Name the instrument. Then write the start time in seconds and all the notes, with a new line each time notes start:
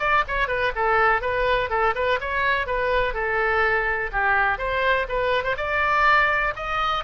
oboe
0.00 D5
0.28 C#5
0.48 B4
0.76 A4
1.22 B4
1.70 A4
1.96 B4
2.21 C#5
2.67 B4
3.14 A4
4.12 G4
4.59 C5
5.09 B4
5.44 C5
5.58 D5
6.56 D#5